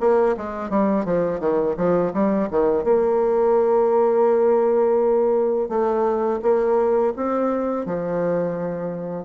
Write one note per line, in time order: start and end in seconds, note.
0.00 0.36 A#3
0.37 0.69 G#3
0.69 1.05 G3
1.05 1.40 F3
1.40 1.75 D#3
1.77 2.12 F3
2.13 2.49 G3
2.50 2.83 D#3
2.83 5.69 A#3
5.69 6.40 A3
6.42 7.13 A#3
7.16 7.85 C4
7.85 9.24 F3